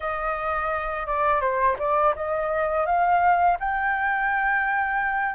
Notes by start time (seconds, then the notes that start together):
0.00 D#5
1.06 D5
1.40 C5
1.78 D5
2.15 D#5
2.86 F5
3.59 G5